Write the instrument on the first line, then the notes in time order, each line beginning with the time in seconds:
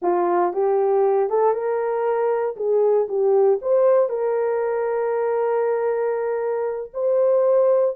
horn
0.01 F4
0.53 G4
1.29 A4
1.53 A#4
2.56 G#4
3.08 G4
3.61 C5
4.09 A#4
6.93 C5